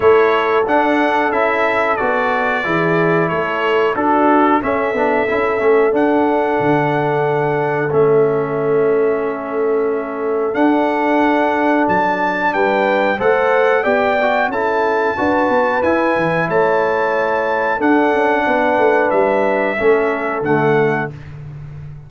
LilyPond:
<<
  \new Staff \with { instrumentName = "trumpet" } { \time 4/4 \tempo 4 = 91 cis''4 fis''4 e''4 d''4~ | d''4 cis''4 a'4 e''4~ | e''4 fis''2. | e''1 |
fis''2 a''4 g''4 | fis''4 g''4 a''2 | gis''4 a''2 fis''4~ | fis''4 e''2 fis''4 | }
  \new Staff \with { instrumentName = "horn" } { \time 4/4 a'1 | gis'4 a'4 fis'4 a'4~ | a'1~ | a'1~ |
a'2. b'4 | c''4 d''4 a'4 b'4~ | b'4 cis''2 a'4 | b'2 a'2 | }
  \new Staff \with { instrumentName = "trombone" } { \time 4/4 e'4 d'4 e'4 fis'4 | e'2 d'4 cis'8 d'8 | e'8 cis'8 d'2. | cis'1 |
d'1 | a'4 g'8 fis'8 e'4 fis'4 | e'2. d'4~ | d'2 cis'4 a4 | }
  \new Staff \with { instrumentName = "tuba" } { \time 4/4 a4 d'4 cis'4 b4 | e4 a4 d'4 cis'8 b8 | cis'8 a8 d'4 d2 | a1 |
d'2 fis4 g4 | a4 b4 cis'4 d'8 b8 | e'8 e8 a2 d'8 cis'8 | b8 a8 g4 a4 d4 | }
>>